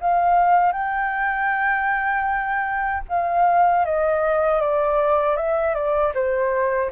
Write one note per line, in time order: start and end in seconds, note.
0.00 0.72 F5
0.72 3.03 G5
3.08 3.85 F5
3.85 4.60 D#5
4.60 5.36 D5
5.36 5.74 E5
5.74 6.13 D5
6.14 6.91 C5